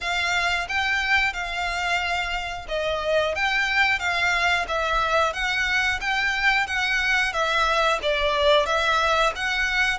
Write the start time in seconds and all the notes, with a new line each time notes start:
0.01 F5
0.68 G5
1.33 F5
2.68 D#5
3.35 G5
3.98 F5
4.68 E5
5.33 F#5
6.00 G5
6.67 F#5
7.32 E5
8.02 D5
8.66 E5
9.35 F#5